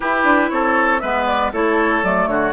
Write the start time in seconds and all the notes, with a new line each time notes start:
0.00 E4 G4 B4
0.23 D4
0.50 C4 A4 C#5
0.99 G#3 B3 B4 E5
1.26 D5
1.52 A3 E4 A4 C#5
2.03 F#3 A3 D5
2.27 D3 F#4 C#5